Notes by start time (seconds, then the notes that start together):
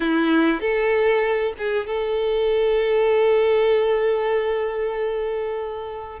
0.00 E4
0.60 A4
1.58 G#4
1.86 A4